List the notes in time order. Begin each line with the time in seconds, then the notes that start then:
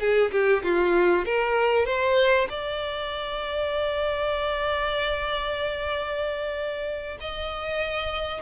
0.00 G#4
0.32 G4
0.63 F4
1.25 A#4
1.86 C5
2.49 D5
7.20 D#5